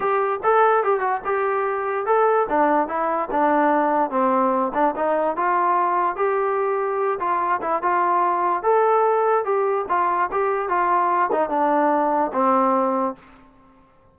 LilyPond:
\new Staff \with { instrumentName = "trombone" } { \time 4/4 \tempo 4 = 146 g'4 a'4 g'8 fis'8 g'4~ | g'4 a'4 d'4 e'4 | d'2 c'4. d'8 | dis'4 f'2 g'4~ |
g'4. f'4 e'8 f'4~ | f'4 a'2 g'4 | f'4 g'4 f'4. dis'8 | d'2 c'2 | }